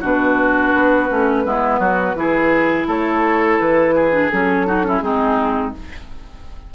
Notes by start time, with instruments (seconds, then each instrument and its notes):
0.00 bassoon B2, clarinet D4, oboe F#4, flute B4
0.74 bassoon B3
1.09 bassoon A3, clarinet C#4
1.45 bassoon G#3, clarinet B3, oboe E4
1.79 bassoon F#3, oboe F#4
2.15 bassoon E3, clarinet E4, oboe G#4
2.87 bassoon A3, oboe A4, flute C#5
3.60 bassoon E3, flute B4
3.95 oboe G#4
4.12 clarinet D4
4.30 bassoon F#3, clarinet C#4, flute A4
4.67 clarinet D#4, oboe F#4
4.84 clarinet C#4, oboe E4
5.00 bassoon G#3, clarinet C4, oboe D#4, flute G#4